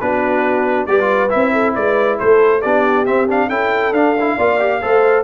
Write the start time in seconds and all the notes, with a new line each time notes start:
0.00 B3 D4 F#4 B4
0.86 G3 G4 B4 D5
1.00 F4
1.29 C4 E4 E5
1.53 A4
1.75 G#3 B4 D5
2.19 A3 A4 C5
2.61 B3 D4 G4 D5
3.06 C4 E5
3.29 D4 F5
3.50 C#4 E4 A4 G5
3.92 D4 F5
4.21 E4
4.37 A#3 F4 D5
4.59 G4
4.81 A3 A4 C5